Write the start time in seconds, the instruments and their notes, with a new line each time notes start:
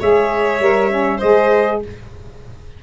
0.00 tuba G#3, saxophone G#4, violin C#5, trumpet E5
0.60 tuba G3, saxophone A#4
0.90 saxophone C#4
1.17 tuba G#3, saxophone G#4, violin C5, trumpet D#5